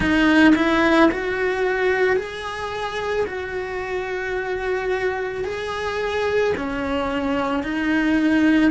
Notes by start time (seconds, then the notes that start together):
0.00 D#4
0.55 E4
1.11 F#4
2.16 G#4
3.26 F#4
5.44 G#4
6.57 C#4
7.63 D#4